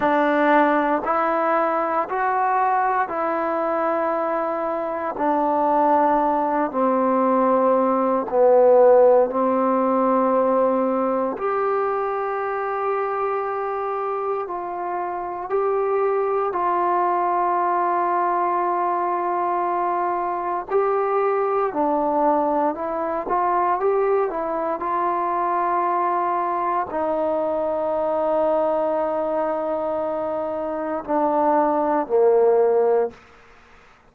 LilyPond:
\new Staff \with { instrumentName = "trombone" } { \time 4/4 \tempo 4 = 58 d'4 e'4 fis'4 e'4~ | e'4 d'4. c'4. | b4 c'2 g'4~ | g'2 f'4 g'4 |
f'1 | g'4 d'4 e'8 f'8 g'8 e'8 | f'2 dis'2~ | dis'2 d'4 ais4 | }